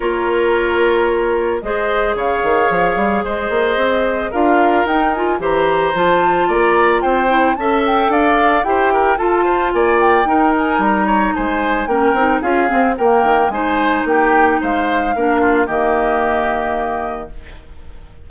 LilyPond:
<<
  \new Staff \with { instrumentName = "flute" } { \time 4/4 \tempo 4 = 111 cis''2. dis''4 | f''2 dis''2 | f''4 g''8 gis''8 ais''4 a''4 | ais''4 g''4 a''8 g''8 f''4 |
g''4 a''4 gis''8 g''4 gis''8 | ais''4 gis''4 g''4 f''4 | g''4 gis''4 g''4 f''4~ | f''4 dis''2. | }
  \new Staff \with { instrumentName = "oboe" } { \time 4/4 ais'2. c''4 | cis''2 c''2 | ais'2 c''2 | d''4 c''4 e''4 d''4 |
c''8 ais'8 a'8 c''8 d''4 ais'4~ | ais'8 cis''8 c''4 ais'4 gis'4 | ais'4 c''4 g'4 c''4 | ais'8 f'8 g'2. | }
  \new Staff \with { instrumentName = "clarinet" } { \time 4/4 f'2. gis'4~ | gis'1 | f'4 dis'8 f'8 g'4 f'4~ | f'4. e'8 a'2 |
g'4 f'2 dis'4~ | dis'2 cis'8 dis'8 f'8 c'8 | ais4 dis'2. | d'4 ais2. | }
  \new Staff \with { instrumentName = "bassoon" } { \time 4/4 ais2. gis4 | cis8 dis8 f8 g8 gis8 ais8 c'4 | d'4 dis'4 e4 f4 | ais4 c'4 cis'4 d'4 |
e'4 f'4 ais4 dis'4 | g4 gis4 ais8 c'8 cis'8 c'8 | ais8 dis8 gis4 ais4 gis4 | ais4 dis2. | }
>>